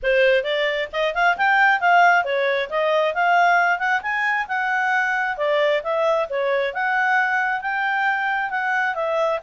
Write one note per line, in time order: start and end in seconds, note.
0.02 0.43 C5
0.43 0.88 D5
0.92 1.14 D#5
1.14 1.36 F5
1.37 1.80 G5
1.80 2.24 F5
2.24 2.69 C#5
2.69 3.14 D#5
3.14 3.78 F5
3.78 4.01 F#5
4.02 4.46 G#5
4.48 5.37 F#5
5.37 5.81 D5
5.83 6.28 E5
6.29 6.73 C#5
6.73 7.61 F#5
7.61 8.50 G5
8.50 8.94 F#5
8.94 9.39 E5